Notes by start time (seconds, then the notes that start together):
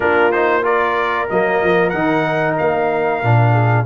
0.00 A#3 D4 F4 A#4
0.31 D#4 C5
0.62 F4 A#4 D5
1.29 F#3 A#3 D#5
1.62 F3
1.89 D#3 D#4 F#5
2.58 A#3 F5
3.23 A#2 D4
3.51 G#4